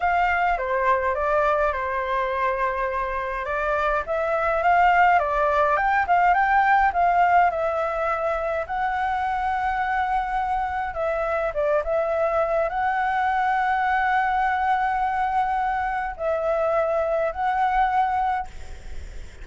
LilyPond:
\new Staff \with { instrumentName = "flute" } { \time 4/4 \tempo 4 = 104 f''4 c''4 d''4 c''4~ | c''2 d''4 e''4 | f''4 d''4 g''8 f''8 g''4 | f''4 e''2 fis''4~ |
fis''2. e''4 | d''8 e''4. fis''2~ | fis''1 | e''2 fis''2 | }